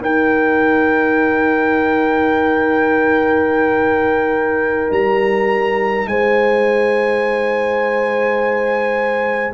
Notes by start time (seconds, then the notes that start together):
0.00 D#4 A#4 G5
4.90 G3 A#5
6.06 G#3 C5 G#5